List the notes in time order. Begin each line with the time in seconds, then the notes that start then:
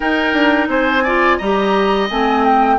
0.00 D#4 A#4 G5
0.33 D4
0.67 C4 C5 G#5
1.03 F4 D5
1.37 G3 G4 D#5 A#5
2.09 A3 C4 G#5
2.44 G5